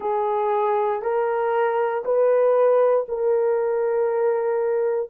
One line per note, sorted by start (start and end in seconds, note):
0.00 1.02 G#4
1.02 2.03 A#4
2.04 3.06 B4
3.08 5.09 A#4